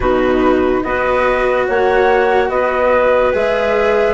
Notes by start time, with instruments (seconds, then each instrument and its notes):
0.00 bassoon B2, cello D#4, clarinet F#4, flute B4
0.83 bassoon B3, cello F#4, clarinet B4, flute D#5
1.67 bassoon A#3, clarinet C#5, flute F#5
2.49 bassoon B3, clarinet B4, flute D#5
3.33 bassoon G#3, cello G#4, flute E5